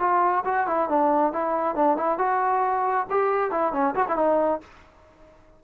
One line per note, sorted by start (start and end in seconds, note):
0.00 0.44 F4
0.45 0.67 F#4
0.67 0.89 E4
0.89 1.33 D4
1.33 1.76 E4
1.76 1.98 D4
1.98 2.19 E4
2.19 3.07 F#4
3.10 3.51 G4
3.51 3.73 E4
3.73 3.95 C#4
3.95 4.06 F#4
4.08 4.17 E4
4.17 4.61 D#4